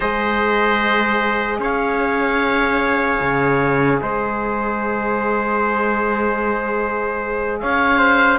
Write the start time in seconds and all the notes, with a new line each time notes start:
0.00 G#3 G#4 C5 D#5
1.59 C#4 C#5 F5
3.20 C#3
4.00 G#3 C5 D#5
7.59 C#4 C#5 F5
7.98 C5